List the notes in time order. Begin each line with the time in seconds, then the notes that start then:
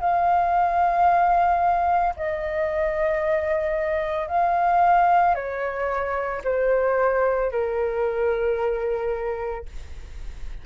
0.00 F5
2.16 D#5
4.28 F5
5.34 C#5
6.44 C5
7.51 A#4